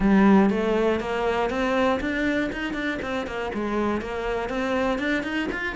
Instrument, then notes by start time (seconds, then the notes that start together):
cello
0.00 G3
0.50 A3
1.00 A#3
1.50 C4
2.00 D4
2.52 D#4
2.73 D4
3.01 C4
3.26 A#3
3.54 G#3
4.01 A#3
4.49 C4
4.98 D4
5.23 D#4
5.52 F4